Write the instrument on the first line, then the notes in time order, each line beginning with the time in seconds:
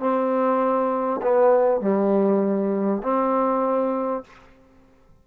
trombone
0.00 C4
1.23 B3
1.82 G3
3.03 C4